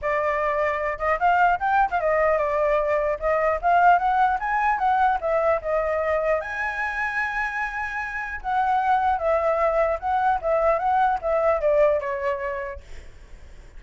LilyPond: \new Staff \with { instrumentName = "flute" } { \time 4/4 \tempo 4 = 150 d''2~ d''8 dis''8 f''4 | g''8. f''16 dis''4 d''2 | dis''4 f''4 fis''4 gis''4 | fis''4 e''4 dis''2 |
gis''1~ | gis''4 fis''2 e''4~ | e''4 fis''4 e''4 fis''4 | e''4 d''4 cis''2 | }